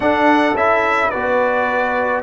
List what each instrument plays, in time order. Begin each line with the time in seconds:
0.00 tuba D4, trombone D4, horn A4, trumpet F#5
0.53 tuba C#4, trombone E4, trumpet E5
1.09 tuba B3, trombone F#4, horn B4, trumpet D5